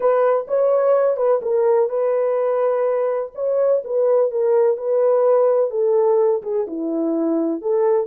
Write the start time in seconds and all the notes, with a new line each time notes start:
0.00 B4
0.47 C#5
1.16 B4
1.42 A#4
1.89 B4
3.34 C#5
3.84 B4
4.31 A#4
4.77 B4
5.70 A4
6.42 G#4
6.67 E4
7.61 A4